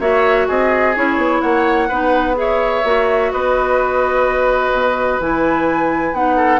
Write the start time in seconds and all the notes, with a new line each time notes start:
0.00 A#3 F#4 C#5 E5
0.48 C4 G#4 D#5
0.96 C#4 E4 C#5
1.17 B3
1.42 A#3 C#5 F#5
1.89 B3 D#4 B4
2.35 G#4 C#5 E5
2.84 A#3 F#4
3.32 B3 B4 D#5
4.72 B2
5.20 E3 E4 G#5
6.13 B3 D#4 F#5
6.37 A4